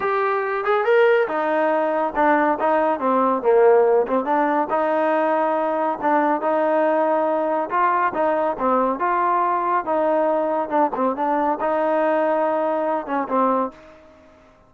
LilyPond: \new Staff \with { instrumentName = "trombone" } { \time 4/4 \tempo 4 = 140 g'4. gis'8 ais'4 dis'4~ | dis'4 d'4 dis'4 c'4 | ais4. c'8 d'4 dis'4~ | dis'2 d'4 dis'4~ |
dis'2 f'4 dis'4 | c'4 f'2 dis'4~ | dis'4 d'8 c'8 d'4 dis'4~ | dis'2~ dis'8 cis'8 c'4 | }